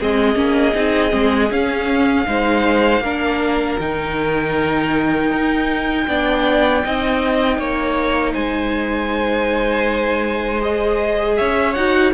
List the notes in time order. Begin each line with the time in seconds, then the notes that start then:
0.00 G#3 C4 G#4 D#5
0.35 A#3 C#4
0.75 C4 D#4
1.10 G#3 C4
1.51 C#4 F5
2.26 G#3 D#4 C5
3.01 A#3 D4 A#4
3.80 D#3 D#4 G5
5.31 D#4
6.08 B3 D4 D5
6.84 C4 D#4 D#5
7.59 A#3 C#5
8.32 G#3 C5 G#5
10.61 G#4 D#5
11.37 C#4 C#5 E5
11.74 D#4 F#4 F#5